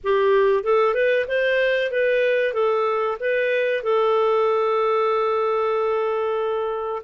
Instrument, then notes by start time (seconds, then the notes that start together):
clarinet
0.03 G4
0.63 A4
0.94 B4
1.28 C5
1.91 B4
2.53 A4
3.19 B4
3.83 A4